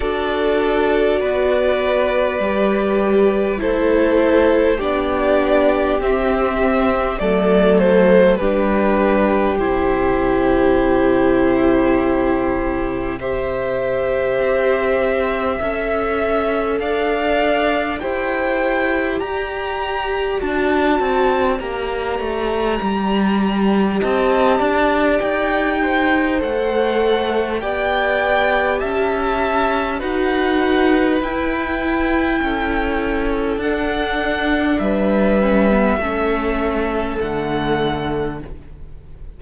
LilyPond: <<
  \new Staff \with { instrumentName = "violin" } { \time 4/4 \tempo 4 = 50 d''2. c''4 | d''4 e''4 d''8 c''8 b'4 | c''2. e''4~ | e''2 f''4 g''4 |
ais''4 a''4 ais''2 | a''4 g''4 fis''4 g''4 | a''4 fis''4 g''2 | fis''4 e''2 fis''4 | }
  \new Staff \with { instrumentName = "violin" } { \time 4/4 a'4 b'2 a'4 | g'2 a'4 g'4~ | g'2. c''4~ | c''4 e''4 d''4 c''4 |
d''1 | dis''8 d''4 c''4. d''4 | e''4 b'2 a'4~ | a'4 b'4 a'2 | }
  \new Staff \with { instrumentName = "viola" } { \time 4/4 fis'2 g'4 e'4 | d'4 c'4 a4 d'4 | e'2. g'4~ | g'4 a'2 g'4~ |
g'4 fis'4 g'2~ | g'2 a'4 g'4~ | g'4 fis'4 e'2 | d'4. cis'16 b16 cis'4 a4 | }
  \new Staff \with { instrumentName = "cello" } { \time 4/4 d'4 b4 g4 a4 | b4 c'4 fis4 g4 | c1 | c'4 cis'4 d'4 e'4 |
g'4 d'8 c'8 ais8 a8 g4 | c'8 d'8 dis'4 a4 b4 | cis'4 dis'4 e'4 cis'4 | d'4 g4 a4 d4 | }
>>